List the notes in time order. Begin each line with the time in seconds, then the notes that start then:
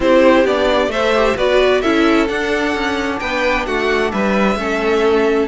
0.00 C4 E4 G4 C5
0.44 B3 D4 D5
0.87 A3 A4 C5 E5
1.15 G4
1.37 B3 F#4 B4 D5
1.81 C#4 E4 A4 E5
2.27 D4 F#5
2.74 C#4
3.19 B3 B4 G5
3.66 A3 F#4 F#5
4.11 G3 B4 E5
4.55 A3 C#4 A4